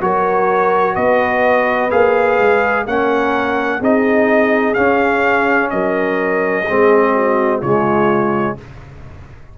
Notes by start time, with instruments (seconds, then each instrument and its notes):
0.00 tuba F#3, trombone F#4, horn A#4, trumpet C#5
0.95 tuba B3, horn B4, trumpet D#5
1.90 tuba A#3, trombone G#4, trumpet F5
2.38 tuba G#3
2.86 tuba A#3, trombone C#4, horn A#4, trumpet F#5
3.80 tuba C4, trombone D#4, horn G#4, trumpet D#5
4.74 trombone C#4, tuba C#4, trumpet F5
5.70 tuba F#3, horn A#4, trumpet D#5
6.65 tuba G#3, trombone C4, horn G#4
7.14 horn F#4
7.60 tuba C#3, trombone G#3, horn F4, trumpet C#5